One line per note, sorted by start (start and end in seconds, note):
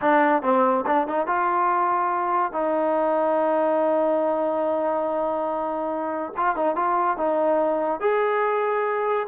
0.01 0.42 D4
0.42 0.84 C4
0.86 1.07 D4
1.07 1.27 D#4
1.27 2.52 F4
2.52 6.32 D#4
6.36 6.56 F4
6.56 6.75 D#4
6.75 7.17 F4
7.17 8.00 D#4
8.00 9.27 G#4